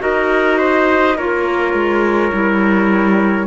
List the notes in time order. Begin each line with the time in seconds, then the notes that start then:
0.00 D#4 F#4 A#4 D#5
0.58 C5
1.16 A#3 F4 A#4 C#5
1.73 G#3
2.33 G3 E4